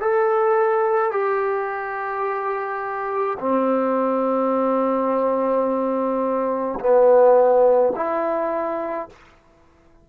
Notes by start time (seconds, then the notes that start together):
0.00 A4
1.11 G4
3.39 C4
6.79 B3
7.96 E4